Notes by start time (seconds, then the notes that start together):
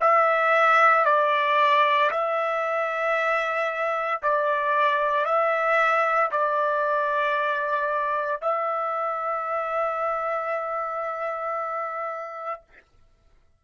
0.00 E5
1.05 D5
2.11 E5
4.22 D5
5.25 E5
6.31 D5
8.41 E5